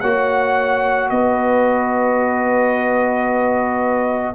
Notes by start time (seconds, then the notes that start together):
0.00 A#3 F#4 C#5 F#5
1.09 B3 B4 D#5